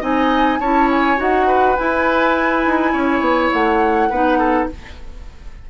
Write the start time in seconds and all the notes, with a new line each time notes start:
0.00 C4 D#4 D#5 G#5
0.59 C#4 E4 C#5 A5
0.90 G#5
1.16 D#4 F#4 F#5
1.46 B4
1.76 E4 G#5
2.66 D#4
2.92 C#4 C#5
3.20 B3
3.52 A3 F#5
4.09 B3 D#4 B4
4.38 A4